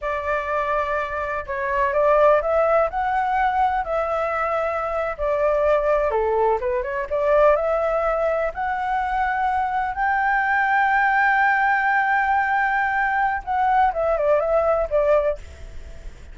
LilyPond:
\new Staff \with { instrumentName = "flute" } { \time 4/4 \tempo 4 = 125 d''2. cis''4 | d''4 e''4 fis''2 | e''2~ e''8. d''4~ d''16~ | d''8. a'4 b'8 cis''8 d''4 e''16~ |
e''4.~ e''16 fis''2~ fis''16~ | fis''8. g''2.~ g''16~ | g''1 | fis''4 e''8 d''8 e''4 d''4 | }